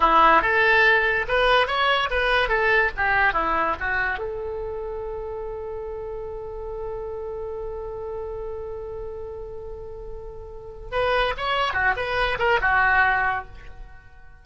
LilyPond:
\new Staff \with { instrumentName = "oboe" } { \time 4/4 \tempo 4 = 143 e'4 a'2 b'4 | cis''4 b'4 a'4 g'4 | e'4 fis'4 a'2~ | a'1~ |
a'1~ | a'1~ | a'2 b'4 cis''4 | fis'8 b'4 ais'8 fis'2 | }